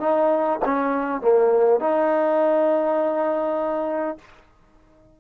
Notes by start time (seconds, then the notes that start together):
0.00 D#4
0.65 C#4
1.22 A#3
1.80 D#4